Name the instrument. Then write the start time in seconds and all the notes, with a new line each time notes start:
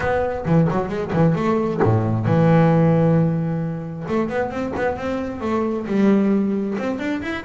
double bass
0.00 B3
0.45 E3
0.70 F#3
0.88 G#3
1.12 E3
1.35 A3
1.82 A2
2.25 E3
4.07 A3
4.29 B3
4.50 C4
4.76 B3
4.96 C4
5.41 A3
5.86 G3
6.78 C4
6.99 D4
7.21 E4